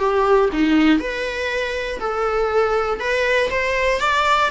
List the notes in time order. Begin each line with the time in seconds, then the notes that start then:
0.00 G4
0.53 D#4
1.00 B4
2.00 A4
3.00 B4
3.50 C5
4.01 D5